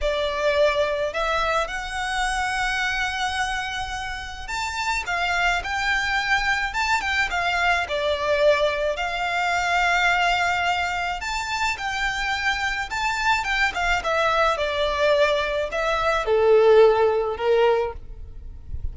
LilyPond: \new Staff \with { instrumentName = "violin" } { \time 4/4 \tempo 4 = 107 d''2 e''4 fis''4~ | fis''1 | a''4 f''4 g''2 | a''8 g''8 f''4 d''2 |
f''1 | a''4 g''2 a''4 | g''8 f''8 e''4 d''2 | e''4 a'2 ais'4 | }